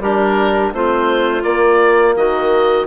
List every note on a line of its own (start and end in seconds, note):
0.00 0.71 G3
0.00 0.74 D4
0.00 0.73 G4
0.00 0.73 A#4
0.72 1.44 A3
0.72 1.42 C4
0.72 2.16 F4
0.72 1.43 C5
1.42 2.84 A#3
1.42 2.16 A#3
1.42 2.14 D5
2.16 2.87 D#3
2.16 2.87 F#4
2.16 2.87 D#5